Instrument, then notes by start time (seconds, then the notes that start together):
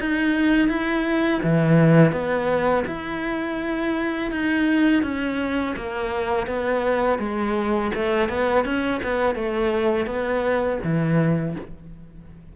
cello
0.00 D#4
0.69 E4
1.43 E3
2.12 B3
2.87 E4
4.31 D#4
5.03 C#4
5.77 A#3
6.47 B3
7.19 G#3
7.95 A3
8.29 B3
8.65 C#4
9.03 B3
9.35 A3
10.06 B3
10.83 E3